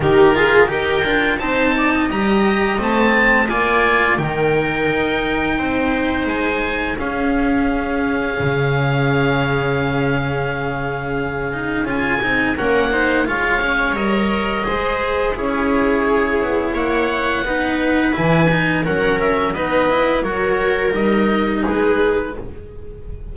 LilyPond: <<
  \new Staff \with { instrumentName = "oboe" } { \time 4/4 \tempo 4 = 86 ais'4 g''4 a''4 ais''4 | a''4 gis''4 g''2~ | g''4 gis''4 f''2~ | f''1~ |
f''4 gis''4 fis''4 f''4 | dis''2 cis''2 | fis''2 gis''4 fis''8 e''8 | dis''4 cis''4 dis''4 b'4 | }
  \new Staff \with { instrumentName = "viola" } { \time 4/4 g'8 gis'8 ais'4 c''8 d''16 dis''4~ dis''16~ | dis''4 d''4 ais'2 | c''2 gis'2~ | gis'1~ |
gis'2 ais'8 c''8 cis''4~ | cis''4 c''4 gis'2 | cis''4 b'2 ais'4 | b'4 ais'2 gis'4 | }
  \new Staff \with { instrumentName = "cello" } { \time 4/4 dis'8 f'8 g'8 f'8 dis'4 g'4 | c'4 f'4 dis'2~ | dis'2 cis'2~ | cis'1~ |
cis'8 dis'8 f'8 dis'8 cis'8 dis'8 f'8 cis'8 | ais'4 gis'4 e'2~ | e'4 dis'4 e'8 dis'8 cis'4 | dis'8 e'8 fis'4 dis'2 | }
  \new Staff \with { instrumentName = "double bass" } { \time 4/4 dis4 dis'8 d'8 c'4 g4 | a4 ais4 dis4 dis'4 | c'4 gis4 cis'2 | cis1~ |
cis4 cis'8 c'8 ais4 gis4 | g4 gis4 cis'4. b8 | ais4 b4 e4 fis4 | b4 fis4 g4 gis4 | }
>>